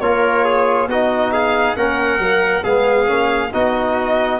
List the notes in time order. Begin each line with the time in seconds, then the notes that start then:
0.00 A#3 F4 A#4 C#5
0.44 G#4
0.87 B3 D#4 F#4 D#5
1.33 G#4 F5
1.76 A#3 C#4 A#4 F#5
2.18 F#3 A#3
2.63 G#3 B3 G#4 F5
3.06 A#3 C#4
3.53 B3 D#4 F#4 D#5